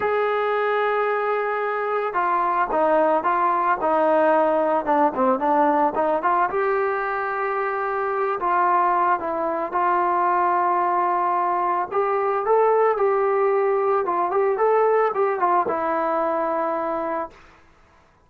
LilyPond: \new Staff \with { instrumentName = "trombone" } { \time 4/4 \tempo 4 = 111 gis'1 | f'4 dis'4 f'4 dis'4~ | dis'4 d'8 c'8 d'4 dis'8 f'8 | g'2.~ g'8 f'8~ |
f'4 e'4 f'2~ | f'2 g'4 a'4 | g'2 f'8 g'8 a'4 | g'8 f'8 e'2. | }